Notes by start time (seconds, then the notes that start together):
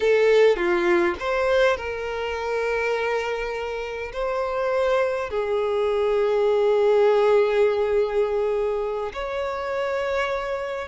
0.00 A4
0.56 F4
1.19 C5
1.76 A#4
4.13 C5
5.30 G#4
9.13 C#5